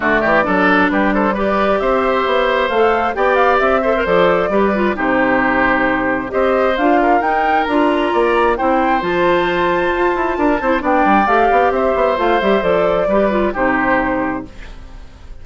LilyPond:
<<
  \new Staff \with { instrumentName = "flute" } { \time 4/4 \tempo 4 = 133 d''2 b'8 c''8 d''4 | e''2 f''4 g''8 f''8 | e''4 d''2 c''4~ | c''2 dis''4 f''4 |
g''4 ais''2 g''4 | a''1 | g''4 f''4 e''4 f''8 e''8 | d''2 c''2 | }
  \new Staff \with { instrumentName = "oboe" } { \time 4/4 fis'8 g'8 a'4 g'8 a'8 b'4 | c''2. d''4~ | d''8 c''4. b'4 g'4~ | g'2 c''4. ais'8~ |
ais'2 d''4 c''4~ | c''2. ais'8 c''8 | d''2 c''2~ | c''4 b'4 g'2 | }
  \new Staff \with { instrumentName = "clarinet" } { \time 4/4 a4 d'2 g'4~ | g'2 a'4 g'4~ | g'8 a'16 ais'16 a'4 g'8 f'8 dis'4~ | dis'2 g'4 f'4 |
dis'4 f'2 e'4 | f'2.~ f'8 e'8 | d'4 g'2 f'8 g'8 | a'4 g'8 f'8 dis'2 | }
  \new Staff \with { instrumentName = "bassoon" } { \time 4/4 d8 e8 fis4 g2 | c'4 b4 a4 b4 | c'4 f4 g4 c4~ | c2 c'4 d'4 |
dis'4 d'4 ais4 c'4 | f2 f'8 e'8 d'8 c'8 | b8 g8 a8 b8 c'8 b8 a8 g8 | f4 g4 c2 | }
>>